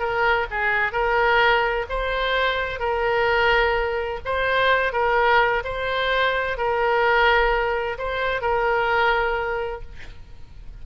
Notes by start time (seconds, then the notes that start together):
0.00 A#4
0.51 G#4
0.93 A#4
1.90 C5
2.80 A#4
4.25 C5
4.93 A#4
5.64 C5
6.58 A#4
7.99 C5
8.42 A#4